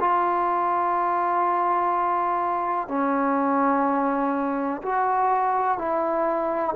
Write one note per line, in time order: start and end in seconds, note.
0.00 2.88 F4
2.88 4.81 C#4
4.82 5.78 F#4
5.78 6.75 E4